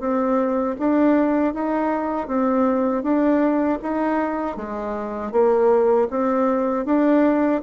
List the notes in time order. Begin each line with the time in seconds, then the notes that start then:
0.00 C4
0.79 D4
1.54 D#4
2.28 C4
3.03 D4
3.83 D#4
4.57 G#3
5.32 A#3
6.10 C4
6.86 D4